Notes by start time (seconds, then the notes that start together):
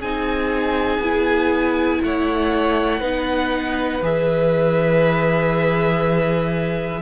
0.00 C4 D#4 G#4 G#5
0.99 B3 E4
2.03 A3 C#5 F#5
3.00 B3 D#4 B4
4.02 E3 G#4 E5